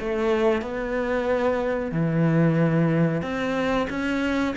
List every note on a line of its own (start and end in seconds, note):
0.00 0.62 A3
0.62 1.92 B3
1.92 3.22 E3
3.22 3.87 C4
3.90 4.55 C#4